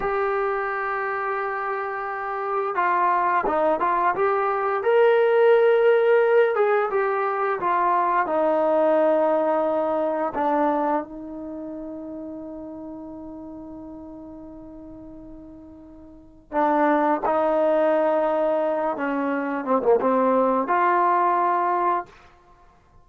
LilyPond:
\new Staff \with { instrumentName = "trombone" } { \time 4/4 \tempo 4 = 87 g'1 | f'4 dis'8 f'8 g'4 ais'4~ | ais'4. gis'8 g'4 f'4 | dis'2. d'4 |
dis'1~ | dis'1 | d'4 dis'2~ dis'8 cis'8~ | cis'8 c'16 ais16 c'4 f'2 | }